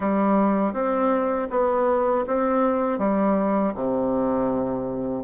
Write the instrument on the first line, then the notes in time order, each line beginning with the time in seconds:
bassoon
0.00 G3
0.73 C4
1.50 B3
2.27 C4
2.98 G3
3.75 C3